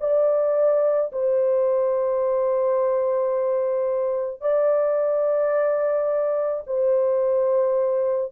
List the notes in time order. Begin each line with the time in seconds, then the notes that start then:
0.00 D5
1.12 C5
4.41 D5
6.67 C5